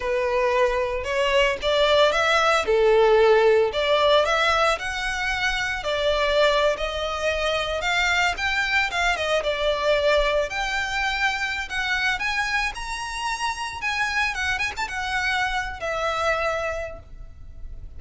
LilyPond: \new Staff \with { instrumentName = "violin" } { \time 4/4 \tempo 4 = 113 b'2 cis''4 d''4 | e''4 a'2 d''4 | e''4 fis''2 d''4~ | d''8. dis''2 f''4 g''16~ |
g''8. f''8 dis''8 d''2 g''16~ | g''2 fis''4 gis''4 | ais''2 gis''4 fis''8 gis''16 a''16 | fis''4.~ fis''16 e''2~ e''16 | }